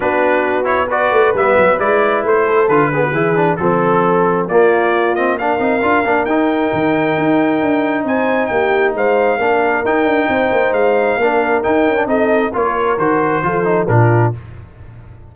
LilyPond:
<<
  \new Staff \with { instrumentName = "trumpet" } { \time 4/4 \tempo 4 = 134 b'4. cis''8 d''4 e''4 | d''4 c''4 b'2 | a'2 d''4. dis''8 | f''2 g''2~ |
g''2 gis''4 g''4 | f''2 g''2 | f''2 g''4 dis''4 | cis''4 c''2 ais'4 | }
  \new Staff \with { instrumentName = "horn" } { \time 4/4 fis'2 b'2~ | b'4. a'4 gis'16 fis'16 gis'4 | a'2 f'2 | ais'1~ |
ais'2 c''4 g'4 | c''4 ais'2 c''4~ | c''4 ais'2 a'4 | ais'2 a'4 f'4 | }
  \new Staff \with { instrumentName = "trombone" } { \time 4/4 d'4. e'8 fis'4 b4 | e'2 f'8 b8 e'8 d'8 | c'2 ais4. c'8 | d'8 dis'8 f'8 d'8 dis'2~ |
dis'1~ | dis'4 d'4 dis'2~ | dis'4 d'4 dis'8. d'16 dis'4 | f'4 fis'4 f'8 dis'8 d'4 | }
  \new Staff \with { instrumentName = "tuba" } { \time 4/4 b2~ b8 a8 g8 fis8 | gis4 a4 d4 e4 | f2 ais2~ | ais8 c'8 d'8 ais8 dis'4 dis4 |
dis'4 d'4 c'4 ais4 | gis4 ais4 dis'8 d'8 c'8 ais8 | gis4 ais4 dis'8 cis'8 c'4 | ais4 dis4 f4 ais,4 | }
>>